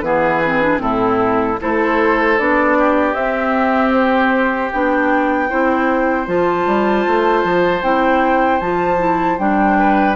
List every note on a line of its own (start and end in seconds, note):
0.00 0.79 E3
0.00 0.41 B3
0.00 0.82 G#4
0.00 0.78 B4
0.44 0.62 C4
0.62 0.78 D4
0.78 1.57 A2
0.78 1.56 C4
0.78 1.60 E4
0.78 1.59 A4
1.60 2.39 A3
1.60 2.38 E4
1.60 2.77 A4
1.60 2.38 C5
2.38 3.14 B3
2.38 3.15 D4
2.38 3.13 D5
2.78 5.49 G4
3.13 4.69 C4
3.13 4.70 C4
3.13 3.91 E5
3.92 4.70 C5
4.71 5.50 B3
4.71 5.49 D4
4.71 6.27 G5
5.49 6.27 C4
5.49 6.26 E4
5.49 9.77 C5
6.26 6.66 F3
6.26 7.82 F4
6.26 7.82 A5
6.66 7.05 G3
7.06 7.43 A3
7.43 7.82 F3
7.82 8.60 C4
7.82 8.60 E4
7.82 8.59 G5
8.59 9.38 F3
8.59 8.98 F4
8.59 9.37 A5
8.98 9.37 E4
9.38 10.15 G3
9.38 10.15 D4
9.38 10.15 G5
9.78 10.15 B4